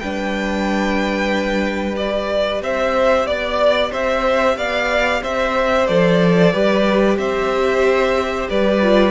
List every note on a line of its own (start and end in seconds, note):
0.00 2.62 G3
0.00 1.98 D4
0.00 2.62 B4
0.00 1.96 G5
1.97 5.89 G4
1.97 2.62 D5
2.62 3.26 C4
2.62 3.27 C5
2.62 3.27 E5
3.26 3.91 B3
3.26 3.92 D5
3.92 4.57 C4
3.92 4.57 C5
3.92 4.58 E5
4.57 5.22 B3
4.57 5.22 D5
4.57 5.23 F5
5.22 5.89 C4
5.22 6.53 C5
5.22 5.87 E5
5.87 6.54 F3
5.87 6.53 A4
5.87 7.18 D5
6.53 7.17 G3
6.53 8.81 G4
6.53 7.18 B4
7.17 8.48 C4
7.17 8.50 C5
7.17 8.48 E5
8.50 9.12 G3
8.50 9.12 B4
8.50 9.12 D5
8.82 9.12 F4